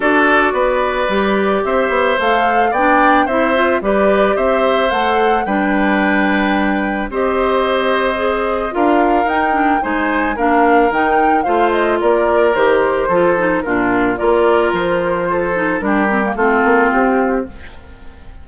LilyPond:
<<
  \new Staff \with { instrumentName = "flute" } { \time 4/4 \tempo 4 = 110 d''2. e''4 | f''4 g''4 e''4 d''4 | e''4 fis''4 g''2~ | g''4 dis''2. |
f''4 g''4 gis''4 f''4 | g''4 f''8 dis''8 d''4 c''4~ | c''4 ais'4 d''4 c''4~ | c''4 ais'4 a'4 g'4 | }
  \new Staff \with { instrumentName = "oboe" } { \time 4/4 a'4 b'2 c''4~ | c''4 d''4 c''4 b'4 | c''2 b'2~ | b'4 c''2. |
ais'2 c''4 ais'4~ | ais'4 c''4 ais'2 | a'4 f'4 ais'2 | a'4 g'4 f'2 | }
  \new Staff \with { instrumentName = "clarinet" } { \time 4/4 fis'2 g'2 | a'4 d'4 e'8 f'8 g'4~ | g'4 a'4 d'2~ | d'4 g'2 gis'4 |
f'4 dis'8 d'8 dis'4 d'4 | dis'4 f'2 g'4 | f'8 dis'8 d'4 f'2~ | f'8 dis'8 d'8 c'16 ais16 c'2 | }
  \new Staff \with { instrumentName = "bassoon" } { \time 4/4 d'4 b4 g4 c'8 b8 | a4 b4 c'4 g4 | c'4 a4 g2~ | g4 c'2. |
d'4 dis'4 gis4 ais4 | dis4 a4 ais4 dis4 | f4 ais,4 ais4 f4~ | f4 g4 a8 ais8 c'4 | }
>>